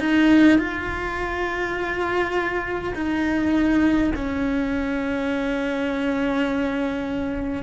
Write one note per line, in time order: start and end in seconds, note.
0.00 0.59 D#4
0.59 2.94 F4
2.95 4.13 D#4
4.16 7.63 C#4